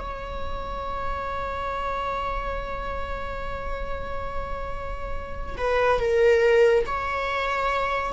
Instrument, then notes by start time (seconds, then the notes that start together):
viola
0.00 C#5
5.58 B4
6.00 A#4
6.86 C#5